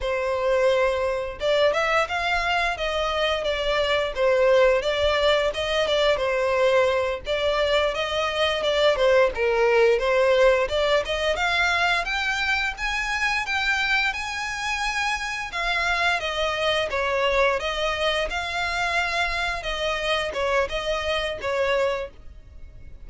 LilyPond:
\new Staff \with { instrumentName = "violin" } { \time 4/4 \tempo 4 = 87 c''2 d''8 e''8 f''4 | dis''4 d''4 c''4 d''4 | dis''8 d''8 c''4. d''4 dis''8~ | dis''8 d''8 c''8 ais'4 c''4 d''8 |
dis''8 f''4 g''4 gis''4 g''8~ | g''8 gis''2 f''4 dis''8~ | dis''8 cis''4 dis''4 f''4.~ | f''8 dis''4 cis''8 dis''4 cis''4 | }